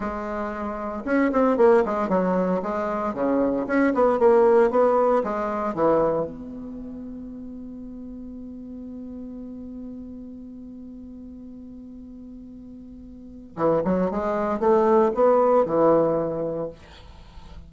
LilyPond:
\new Staff \with { instrumentName = "bassoon" } { \time 4/4 \tempo 4 = 115 gis2 cis'8 c'8 ais8 gis8 | fis4 gis4 cis4 cis'8 b8 | ais4 b4 gis4 e4 | b1~ |
b1~ | b1~ | b2 e8 fis8 gis4 | a4 b4 e2 | }